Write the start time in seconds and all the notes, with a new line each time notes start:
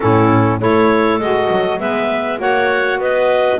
0.00 A2 C#4 E4 A4
0.59 A3 E4 A4 C#5
1.19 G#3 F#4 D#5
1.51 F#3
1.78 G#3 B3 B4 E5
2.38 A#3 F#4 C#5 F#5
2.98 B3 B4 D#5